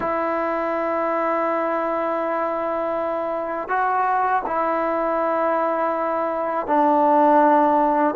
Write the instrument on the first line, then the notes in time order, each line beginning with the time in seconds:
trombone
0.00 E4
3.68 F#4
4.46 E4
6.66 D4